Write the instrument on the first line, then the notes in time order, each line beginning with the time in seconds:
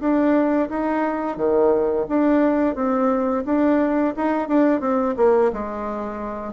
bassoon
0.00 D4
0.69 D#4
1.37 D#3
2.08 D4
2.75 C4
3.45 D4
4.16 D#4
4.48 D4
4.81 C4
5.17 A#3
5.53 G#3